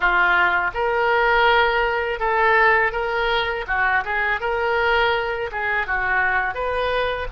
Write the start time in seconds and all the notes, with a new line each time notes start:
0.00 F4
0.74 A#4
2.19 A4
2.92 A#4
3.67 F#4
4.04 G#4
4.40 A#4
5.51 G#4
5.87 F#4
6.54 B4